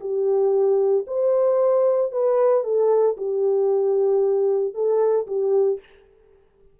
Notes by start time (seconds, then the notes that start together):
0.00 G4
1.07 C5
2.11 B4
2.64 A4
3.17 G4
4.74 A4
5.27 G4